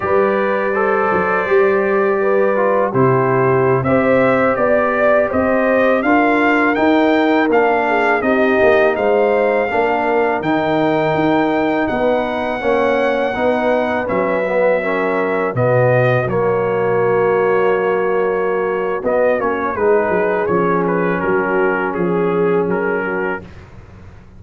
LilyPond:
<<
  \new Staff \with { instrumentName = "trumpet" } { \time 4/4 \tempo 4 = 82 d''1 | c''4~ c''16 e''4 d''4 dis''8.~ | dis''16 f''4 g''4 f''4 dis''8.~ | dis''16 f''2 g''4.~ g''16~ |
g''16 fis''2. e''8.~ | e''4~ e''16 dis''4 cis''4.~ cis''16~ | cis''2 dis''8 cis''8 b'4 | cis''8 b'8 ais'4 gis'4 ais'4 | }
  \new Staff \with { instrumentName = "horn" } { \time 4/4 b'4 c''2 b'4 | g'4~ g'16 c''4 d''4 c''8.~ | c''16 ais'2~ ais'8 gis'8 g'8.~ | g'16 c''4 ais'2~ ais'8.~ |
ais'16 b'4 cis''4 b'4.~ b'16~ | b'16 ais'4 fis'2~ fis'8.~ | fis'2. gis'4~ | gis'4 fis'4 gis'4. fis'8 | }
  \new Staff \with { instrumentName = "trombone" } { \time 4/4 g'4 a'4 g'4. f'8 | e'4~ e'16 g'2~ g'8.~ | g'16 f'4 dis'4 d'4 dis'8.~ | dis'4~ dis'16 d'4 dis'4.~ dis'16~ |
dis'4~ dis'16 cis'4 dis'4 cis'8 b16~ | b16 cis'4 b4 ais4.~ ais16~ | ais2 b8 cis'8 dis'4 | cis'1 | }
  \new Staff \with { instrumentName = "tuba" } { \time 4/4 g4. fis8 g2 | c4~ c16 c'4 b4 c'8.~ | c'16 d'4 dis'4 ais4 c'8 ais16~ | ais16 gis4 ais4 dis4 dis'8.~ |
dis'16 b4 ais4 b4 fis8.~ | fis4~ fis16 b,4 fis4.~ fis16~ | fis2 b8 ais8 gis8 fis8 | f4 fis4 f4 fis4 | }
>>